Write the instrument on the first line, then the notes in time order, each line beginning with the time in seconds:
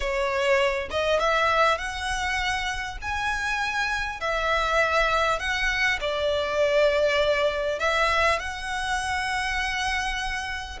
violin
0.00 C#5
0.90 D#5
1.19 E5
1.78 F#5
3.01 G#5
4.20 E5
5.39 F#5
6.00 D5
7.79 E5
8.39 F#5